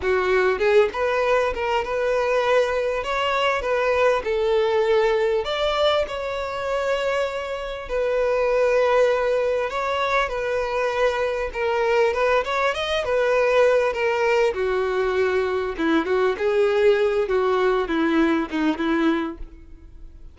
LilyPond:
\new Staff \with { instrumentName = "violin" } { \time 4/4 \tempo 4 = 99 fis'4 gis'8 b'4 ais'8 b'4~ | b'4 cis''4 b'4 a'4~ | a'4 d''4 cis''2~ | cis''4 b'2. |
cis''4 b'2 ais'4 | b'8 cis''8 dis''8 b'4. ais'4 | fis'2 e'8 fis'8 gis'4~ | gis'8 fis'4 e'4 dis'8 e'4 | }